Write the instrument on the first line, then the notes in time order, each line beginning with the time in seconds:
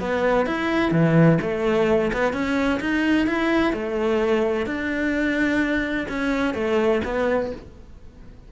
cello
0.00 B3
0.46 E4
0.92 E3
1.42 A3
2.13 B3
2.33 C#4
2.80 D#4
3.27 E4
3.73 A3
4.66 D4
6.09 C#4
6.55 A3
7.05 B3